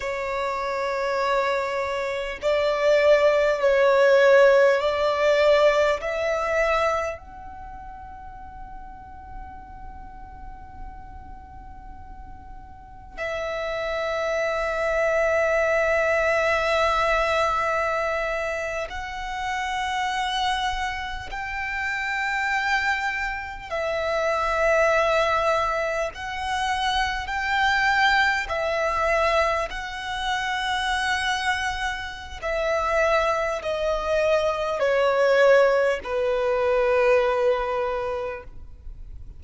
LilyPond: \new Staff \with { instrumentName = "violin" } { \time 4/4 \tempo 4 = 50 cis''2 d''4 cis''4 | d''4 e''4 fis''2~ | fis''2. e''4~ | e''2.~ e''8. fis''16~ |
fis''4.~ fis''16 g''2 e''16~ | e''4.~ e''16 fis''4 g''4 e''16~ | e''8. fis''2~ fis''16 e''4 | dis''4 cis''4 b'2 | }